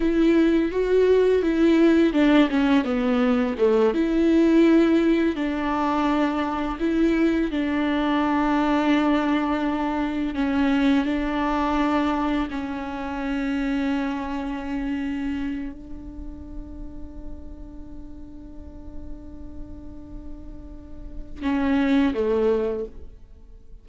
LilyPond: \new Staff \with { instrumentName = "viola" } { \time 4/4 \tempo 4 = 84 e'4 fis'4 e'4 d'8 cis'8 | b4 a8 e'2 d'8~ | d'4. e'4 d'4.~ | d'2~ d'8 cis'4 d'8~ |
d'4. cis'2~ cis'8~ | cis'2 d'2~ | d'1~ | d'2 cis'4 a4 | }